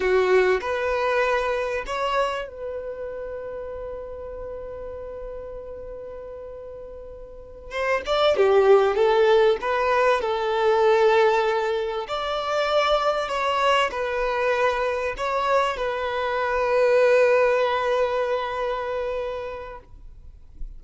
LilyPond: \new Staff \with { instrumentName = "violin" } { \time 4/4 \tempo 4 = 97 fis'4 b'2 cis''4 | b'1~ | b'1~ | b'8 c''8 d''8 g'4 a'4 b'8~ |
b'8 a'2. d''8~ | d''4. cis''4 b'4.~ | b'8 cis''4 b'2~ b'8~ | b'1 | }